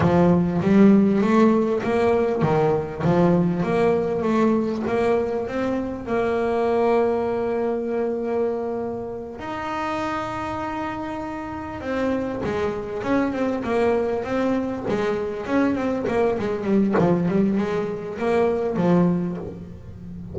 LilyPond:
\new Staff \with { instrumentName = "double bass" } { \time 4/4 \tempo 4 = 99 f4 g4 a4 ais4 | dis4 f4 ais4 a4 | ais4 c'4 ais2~ | ais2.~ ais8 dis'8~ |
dis'2.~ dis'8 c'8~ | c'8 gis4 cis'8 c'8 ais4 c'8~ | c'8 gis4 cis'8 c'8 ais8 gis8 g8 | f8 g8 gis4 ais4 f4 | }